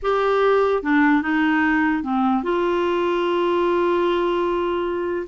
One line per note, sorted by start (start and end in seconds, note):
0.02 0.83 G4
0.83 1.22 D4
1.22 2.03 D#4
2.03 2.43 C4
2.43 5.26 F4